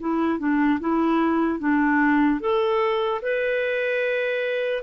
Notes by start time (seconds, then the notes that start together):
0.00 E4
0.39 D4
0.80 E4
1.59 D4
2.40 A4
3.22 B4